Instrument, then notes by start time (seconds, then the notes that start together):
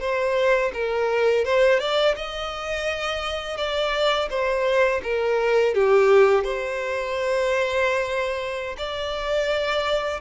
violin
0.00 C5
0.74 A#4
1.45 C5
1.80 D5
2.16 D#5
3.57 D5
4.30 C5
5.03 A#4
5.75 G4
6.44 C5
8.78 D5